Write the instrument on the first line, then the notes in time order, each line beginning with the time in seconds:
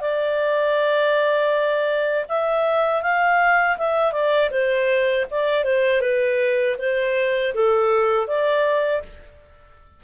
clarinet
0.00 D5
2.28 E5
3.02 F5
3.77 E5
4.12 D5
4.50 C5
5.30 D5
5.64 C5
6.01 B4
6.78 C5
7.54 A4
8.27 D5